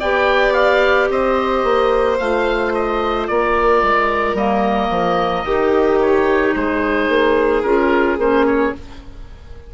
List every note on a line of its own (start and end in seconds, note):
0.00 1.10 B3
0.00 2.19 G4
0.00 1.09 D5
0.00 0.53 G5
0.53 1.08 F5
1.10 1.64 C4
1.10 3.30 C5
1.10 2.18 D#5
1.64 2.19 A#3
2.18 3.29 A3
2.18 4.37 F4
2.18 2.73 F5
2.75 3.28 D#5
3.28 3.83 A#3
3.28 5.45 A#4
3.28 4.36 D5
3.83 4.34 G#3
4.34 4.89 G3
4.34 5.46 A#3
4.34 6.00 D#5
4.90 5.44 F3
5.45 6.54 D#3
5.45 7.64 D#4
5.45 6.55 G4
6.02 6.55 C#5
6.55 7.09 G#3
6.55 8.74 G#4
6.55 7.63 C5
7.09 7.63 A#3
7.63 8.18 C#4
7.63 8.19 F4
7.63 8.17 A#4
8.18 8.72 A#3
8.18 8.73 C#4
8.18 8.46 C5
8.46 8.73 C#5